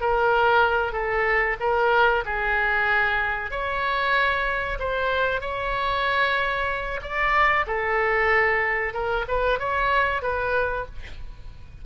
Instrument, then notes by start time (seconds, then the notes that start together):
oboe
0.00 A#4
0.92 A4
1.60 A#4
2.25 G#4
3.50 C#5
4.79 C5
5.41 C#5
7.02 D5
7.66 A4
8.93 A#4
9.28 B4
9.59 C#5
10.22 B4